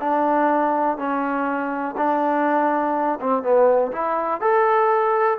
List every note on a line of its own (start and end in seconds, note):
0.00 0.97 D4
0.97 1.95 C#4
1.97 3.19 D4
3.20 3.43 C4
3.43 3.91 B3
3.92 4.40 E4
4.40 5.38 A4